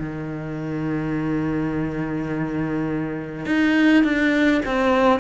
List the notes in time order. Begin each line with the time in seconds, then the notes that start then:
0.00 D#3
3.46 D#4
4.04 D4
4.66 C4